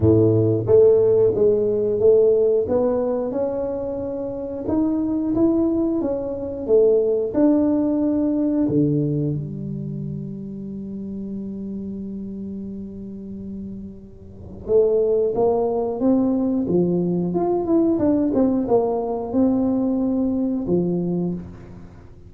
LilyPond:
\new Staff \with { instrumentName = "tuba" } { \time 4/4 \tempo 4 = 90 a,4 a4 gis4 a4 | b4 cis'2 dis'4 | e'4 cis'4 a4 d'4~ | d'4 d4 g2~ |
g1~ | g2 a4 ais4 | c'4 f4 f'8 e'8 d'8 c'8 | ais4 c'2 f4 | }